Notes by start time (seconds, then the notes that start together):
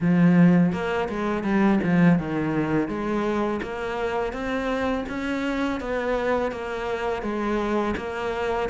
0.00 F3
0.72 A#3
1.08 G#3
1.43 G3
1.83 F3
2.19 D#3
2.88 G#3
3.62 A#3
4.32 C4
5.09 C#4
5.80 B3
6.51 A#3
7.22 G#3
7.96 A#3